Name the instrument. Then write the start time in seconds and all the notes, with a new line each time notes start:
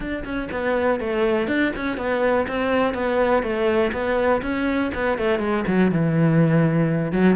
cello
0.00 D4
0.24 C#4
0.51 B3
1.00 A3
1.47 D4
1.75 C#4
1.97 B3
2.47 C4
2.94 B3
3.42 A3
3.92 B3
4.42 C#4
4.94 B3
5.18 A3
5.39 G#3
5.67 F#3
5.91 E3
7.12 F#3